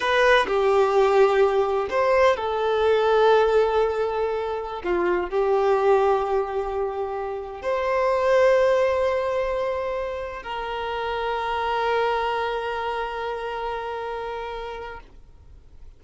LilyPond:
\new Staff \with { instrumentName = "violin" } { \time 4/4 \tempo 4 = 128 b'4 g'2. | c''4 a'2.~ | a'2~ a'16 f'4 g'8.~ | g'1~ |
g'16 c''2.~ c''8.~ | c''2~ c''16 ais'4.~ ais'16~ | ais'1~ | ais'1 | }